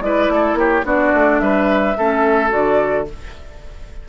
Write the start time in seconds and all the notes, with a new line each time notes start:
0.00 G#3 E4 B4 D5
0.29 A3 A4
0.54 A#3 G4 C#5
0.83 B3 D4 F#4 D5
1.13 A3
1.39 G3 B4 E5
1.97 A3 C#4 A4
2.49 D3 F#4 D5